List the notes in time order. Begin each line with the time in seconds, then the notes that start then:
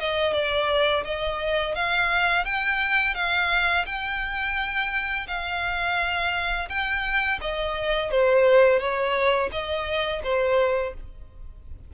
0.00 D#5
0.33 D5
1.05 D#5
1.76 F5
2.45 G5
3.15 F5
3.86 G5
5.28 F5
6.69 G5
7.41 D#5
8.11 C5
8.79 C#5
9.52 D#5
10.24 C5